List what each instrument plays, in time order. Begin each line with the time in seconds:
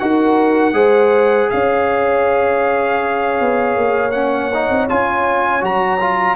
0.00 tuba D#4, trombone F#4, horn A#4, trumpet F#5
0.73 tuba G#3, trombone G#4, horn C5
1.50 tuba C#4, horn C#5, trumpet F5
3.41 tuba B3
3.76 tuba A#3
4.12 trombone C#4, trumpet F#5
4.54 trombone D#4
4.71 tuba C4
4.90 tuba C#4, trombone F4, trumpet G#5
5.61 tuba F#3, trombone F#4, trumpet A#5
6.01 trombone F4